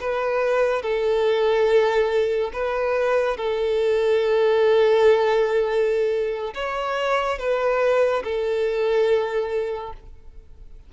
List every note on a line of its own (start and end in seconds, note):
0.00 0.82 B4
0.82 2.51 A4
2.53 3.37 B4
3.37 6.54 A4
6.54 7.38 C#5
7.38 8.23 B4
8.24 9.93 A4